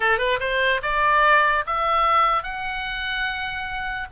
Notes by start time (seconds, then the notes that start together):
0.00 A4
0.18 B4
0.40 C5
0.82 D5
1.66 E5
2.43 F#5